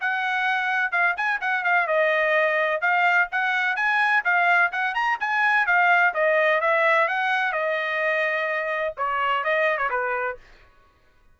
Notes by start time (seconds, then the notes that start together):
0.00 F#5
0.91 F5
1.17 G#5
1.41 F#5
1.64 F5
1.87 D#5
2.81 F5
3.32 F#5
3.76 G#5
4.24 F5
4.72 F#5
4.94 A#5
5.20 G#5
5.66 F5
6.14 D#5
6.61 E5
7.08 F#5
7.52 D#5
8.97 C#5
9.44 D#5
9.78 C#5
9.90 B4